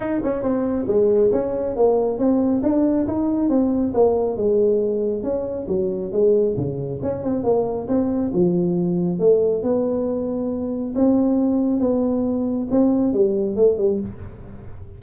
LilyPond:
\new Staff \with { instrumentName = "tuba" } { \time 4/4 \tempo 4 = 137 dis'8 cis'8 c'4 gis4 cis'4 | ais4 c'4 d'4 dis'4 | c'4 ais4 gis2 | cis'4 fis4 gis4 cis4 |
cis'8 c'8 ais4 c'4 f4~ | f4 a4 b2~ | b4 c'2 b4~ | b4 c'4 g4 a8 g8 | }